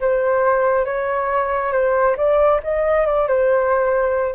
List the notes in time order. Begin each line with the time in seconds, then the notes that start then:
0.00 C5
0.85 C#5
1.72 C5
2.17 D5
2.63 D#5
3.06 D5
3.27 C5